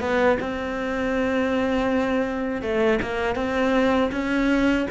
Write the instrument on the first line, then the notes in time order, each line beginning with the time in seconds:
cello
0.00 B3
0.40 C4
2.61 A3
3.01 A#3
3.35 C4
4.12 C#4